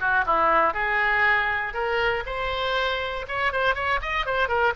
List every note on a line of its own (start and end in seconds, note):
0.00 0.25 F#4
0.26 0.74 E4
0.74 1.74 G#4
1.74 2.24 A#4
2.26 3.26 C5
3.28 3.52 C#5
3.52 3.75 C5
3.75 4.00 C#5
4.02 4.26 D#5
4.26 4.48 C5
4.48 4.73 A#4